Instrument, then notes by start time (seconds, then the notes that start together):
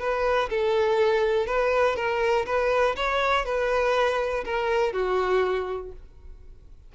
violin
0.00 B4
0.50 A4
1.47 B4
1.97 A#4
2.47 B4
2.97 C#5
3.46 B4
4.45 A#4
4.93 F#4